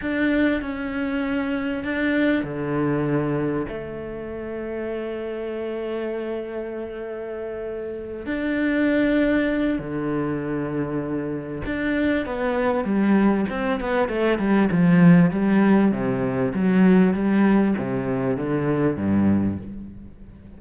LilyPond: \new Staff \with { instrumentName = "cello" } { \time 4/4 \tempo 4 = 98 d'4 cis'2 d'4 | d2 a2~ | a1~ | a4. d'2~ d'8 |
d2. d'4 | b4 g4 c'8 b8 a8 g8 | f4 g4 c4 fis4 | g4 c4 d4 g,4 | }